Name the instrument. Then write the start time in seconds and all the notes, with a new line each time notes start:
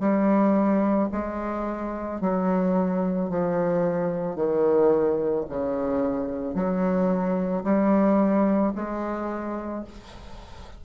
bassoon
0.00 G3
1.12 G#3
2.21 F#3
3.30 F3
4.35 D#3
5.49 C#3
6.54 F#3
7.64 G3
8.75 G#3